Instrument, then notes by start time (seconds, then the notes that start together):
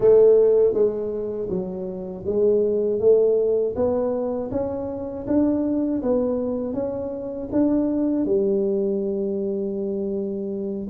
tuba
0.00 A3
0.73 G#3
1.49 F#3
2.26 G#3
2.99 A3
3.75 B3
4.51 C#4
5.27 D4
6.02 B3
6.73 C#4
7.52 D4
8.25 G3